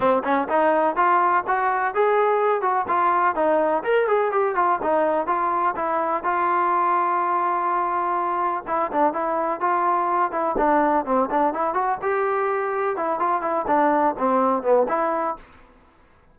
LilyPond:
\new Staff \with { instrumentName = "trombone" } { \time 4/4 \tempo 4 = 125 c'8 cis'8 dis'4 f'4 fis'4 | gis'4. fis'8 f'4 dis'4 | ais'8 gis'8 g'8 f'8 dis'4 f'4 | e'4 f'2.~ |
f'2 e'8 d'8 e'4 | f'4. e'8 d'4 c'8 d'8 | e'8 fis'8 g'2 e'8 f'8 | e'8 d'4 c'4 b8 e'4 | }